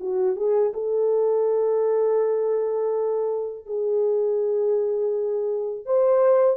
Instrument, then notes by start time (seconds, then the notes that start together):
horn
0.00 F#4
0.36 G#4
0.74 A4
3.66 G#4
5.86 C5